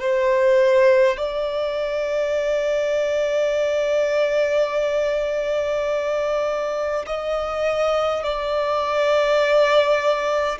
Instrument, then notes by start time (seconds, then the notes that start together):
violin
0.00 C5
1.17 D5
7.06 D#5
8.23 D5